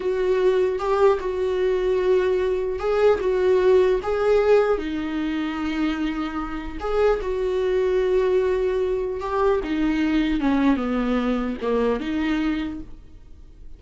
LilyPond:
\new Staff \with { instrumentName = "viola" } { \time 4/4 \tempo 4 = 150 fis'2 g'4 fis'4~ | fis'2. gis'4 | fis'2 gis'2 | dis'1~ |
dis'4 gis'4 fis'2~ | fis'2. g'4 | dis'2 cis'4 b4~ | b4 ais4 dis'2 | }